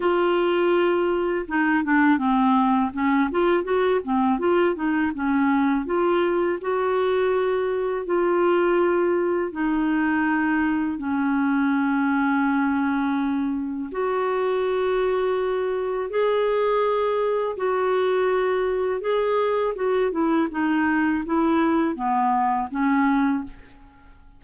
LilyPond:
\new Staff \with { instrumentName = "clarinet" } { \time 4/4 \tempo 4 = 82 f'2 dis'8 d'8 c'4 | cis'8 f'8 fis'8 c'8 f'8 dis'8 cis'4 | f'4 fis'2 f'4~ | f'4 dis'2 cis'4~ |
cis'2. fis'4~ | fis'2 gis'2 | fis'2 gis'4 fis'8 e'8 | dis'4 e'4 b4 cis'4 | }